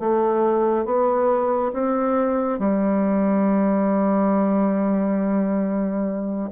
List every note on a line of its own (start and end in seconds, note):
0.00 0.85 A3
0.85 1.72 B3
1.73 2.59 C4
2.59 6.50 G3